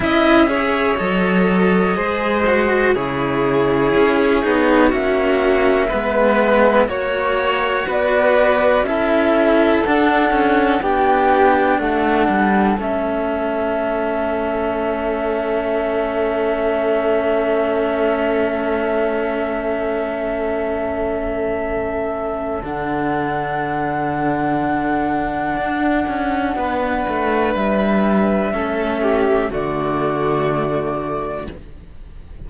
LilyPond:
<<
  \new Staff \with { instrumentName = "flute" } { \time 4/4 \tempo 4 = 61 e''4 dis''2 cis''4~ | cis''4 e''2 cis''4 | d''4 e''4 fis''4 g''4 | fis''4 e''2.~ |
e''1~ | e''2. fis''4~ | fis''1 | e''2 d''2 | }
  \new Staff \with { instrumentName = "violin" } { \time 4/4 dis''8 cis''4. c''4 gis'4~ | gis'4 fis'4 b'4 cis''4 | b'4 a'2 g'4 | a'1~ |
a'1~ | a'1~ | a'2. b'4~ | b'4 a'8 g'8 fis'2 | }
  \new Staff \with { instrumentName = "cello" } { \time 4/4 e'8 gis'8 a'4 gis'8 fis'8 e'4~ | e'8 dis'8 cis'4 b4 fis'4~ | fis'4 e'4 d'8 cis'8 d'4~ | d'4 cis'2.~ |
cis'1~ | cis'2. d'4~ | d'1~ | d'4 cis'4 a2 | }
  \new Staff \with { instrumentName = "cello" } { \time 4/4 cis'4 fis4 gis4 cis4 | cis'8 b8 ais4 gis4 ais4 | b4 cis'4 d'4 b4 | a8 g8 a2.~ |
a1~ | a2. d4~ | d2 d'8 cis'8 b8 a8 | g4 a4 d2 | }
>>